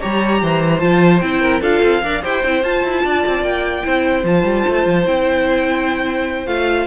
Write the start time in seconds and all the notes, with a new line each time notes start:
0.00 G3 G4 C#5 A#5
0.42 E3 C5
0.79 F3 F4 A5
1.19 C4 E4 G5
1.41 A#4
1.61 D4 F4 A4 F5
1.83 C4
2.02 D4 A#4 D5
2.22 E4 G4 C5 G5
2.44 C4 E4
2.63 F4 A5
2.83 E4
3.04 D4 D5
3.26 C4
3.41 A#3 G5
3.83 C4 E4 C5
4.23 F3 F4 A5
4.43 G3
4.68 A3
4.86 F3
5.05 C4 E4 G5
6.46 A3 F4 F5